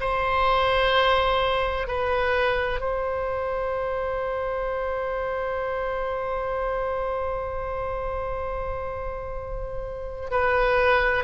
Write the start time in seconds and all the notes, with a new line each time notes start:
0.00 C5
1.87 B4
2.80 C5
10.30 B4